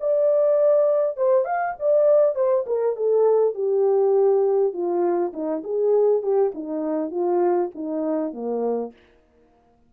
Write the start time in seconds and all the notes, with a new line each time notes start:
0.00 D5
1.17 C5
1.45 F5
1.80 D5
2.35 C5
2.67 A#4
2.96 A4
3.55 G4
4.73 F4
5.33 D#4
5.64 G#4
6.22 G4
6.55 D#4
7.11 F4
7.75 D#4
8.33 A#3